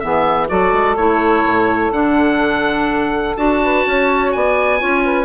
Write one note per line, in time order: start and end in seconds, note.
0.00 0.50 E3
0.00 0.48 B3
0.00 0.49 G#4
0.00 0.48 E5
0.48 0.72 F#3
0.48 0.96 F#4
0.48 3.61 A4
0.48 0.97 D5
0.72 0.96 G#3
0.97 1.45 A3
0.97 1.92 E4
0.97 1.93 C#5
1.45 1.92 A2
1.92 3.36 D3
1.92 3.36 D4
1.92 3.37 F#5
3.37 3.85 D4
3.37 4.80 F#4
3.37 4.32 A5
3.63 3.87 B4
3.86 4.34 C#4
3.86 4.35 C#5
4.32 4.82 B3
4.32 4.79 D5
4.32 5.25 G#5
4.79 5.25 C#4
4.79 5.25 F4
4.79 5.03 C#5
5.04 5.25 B4